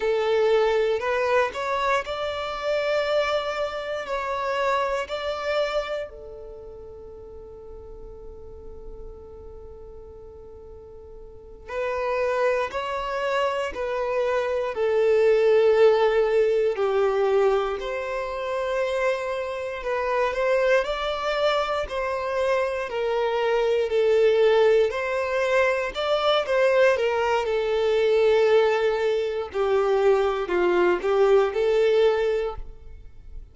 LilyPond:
\new Staff \with { instrumentName = "violin" } { \time 4/4 \tempo 4 = 59 a'4 b'8 cis''8 d''2 | cis''4 d''4 a'2~ | a'2.~ a'8 b'8~ | b'8 cis''4 b'4 a'4.~ |
a'8 g'4 c''2 b'8 | c''8 d''4 c''4 ais'4 a'8~ | a'8 c''4 d''8 c''8 ais'8 a'4~ | a'4 g'4 f'8 g'8 a'4 | }